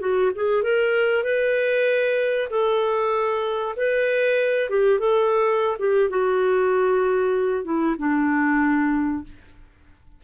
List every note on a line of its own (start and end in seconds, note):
0.00 0.31 F#4
0.35 0.63 G#4
0.63 1.24 A#4
1.24 2.49 B4
2.50 3.75 A4
3.76 4.70 B4
4.70 4.99 G4
4.99 5.77 A4
5.79 6.10 G4
6.10 7.64 F#4
7.64 7.96 E4
7.99 9.24 D4